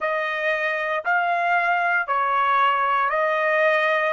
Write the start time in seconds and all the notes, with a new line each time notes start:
0.00 D#5
1.04 F5
2.07 C#5
3.09 D#5